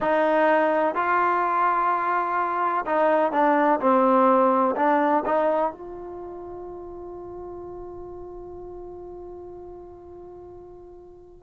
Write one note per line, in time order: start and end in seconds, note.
0.00 0.94 D#4
0.94 2.85 F4
2.86 3.32 D#4
3.32 3.79 D4
3.80 4.75 C4
4.76 5.23 D4
5.25 5.71 D#4
5.71 11.43 F4